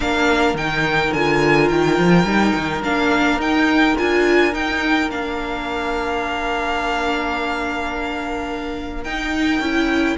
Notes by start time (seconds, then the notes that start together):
0.00 A#3 D4 A#4 F5
0.54 D#3 D#4 G5
1.13 D3 F4 G#5
1.68 D#3 G5
1.98 F3
2.23 G3 D#4
2.55 D#3
2.83 A#3 D4 F5
3.36 D#4 G5
3.97 D4 F4 G#5
4.52 D#4 G5
5.09 A#3 D4 F5
9.03 D#4 G5
9.60 C#4 E4